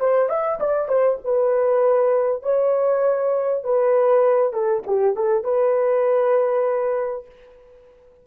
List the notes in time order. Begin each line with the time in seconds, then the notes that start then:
0.00 C5
0.29 E5
0.60 D5
0.88 C5
1.24 B4
2.43 C#5
3.64 B4
4.53 A4
4.87 G4
5.16 A4
5.44 B4